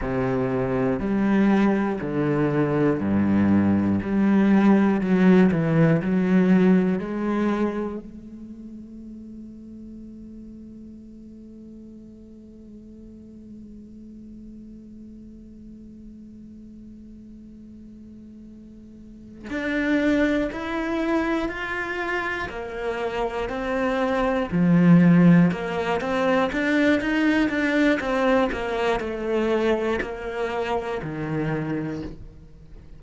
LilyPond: \new Staff \with { instrumentName = "cello" } { \time 4/4 \tempo 4 = 60 c4 g4 d4 g,4 | g4 fis8 e8 fis4 gis4 | a1~ | a1~ |
a2.~ a8 d'8~ | d'8 e'4 f'4 ais4 c'8~ | c'8 f4 ais8 c'8 d'8 dis'8 d'8 | c'8 ais8 a4 ais4 dis4 | }